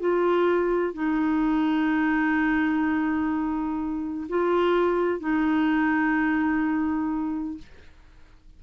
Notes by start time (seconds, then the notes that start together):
0.00 F4
0.94 D#4
4.29 F4
5.20 D#4